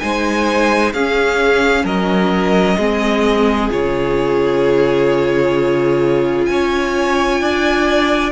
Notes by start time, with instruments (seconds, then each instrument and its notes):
0.00 cello G#3, viola D#4, violin C5 G#5
0.93 cello C#4, viola C#4, violin G#4 F5
1.84 cello F#3, violin A#4 D#5
2.77 cello G#3, viola C4, violin G#4
3.71 cello C#3, viola F4, violin C#5
6.46 cello C#4, violin C#5 G#5
7.41 cello D4, violin D5